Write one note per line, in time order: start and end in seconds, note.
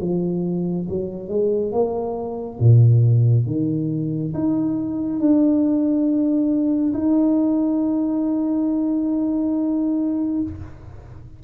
0.00 0.87 F3
0.89 1.28 F#3
1.28 1.72 G#3
1.72 2.58 A#3
2.59 3.46 A#2
3.46 4.33 D#3
4.34 5.19 D#4
5.19 6.93 D4
6.93 10.41 D#4